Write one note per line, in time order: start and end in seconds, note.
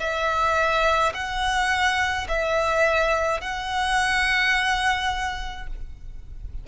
0.00 1.13 E5
1.15 2.28 F#5
2.29 3.41 E5
3.41 5.68 F#5